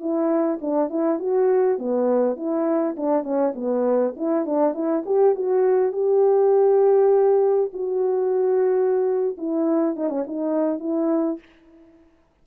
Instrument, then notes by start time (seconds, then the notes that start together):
horn
0.00 E4
0.61 D4
0.90 E4
1.20 F#4
1.79 B3
2.37 E4
2.97 D4
3.23 C#4
3.55 B3
4.16 E4
4.46 D4
4.74 E4
5.06 G4
5.35 F#4
5.93 G4
7.73 F#4
9.38 E4
9.96 D#4
10.09 C#4
10.27 D#4
10.80 E4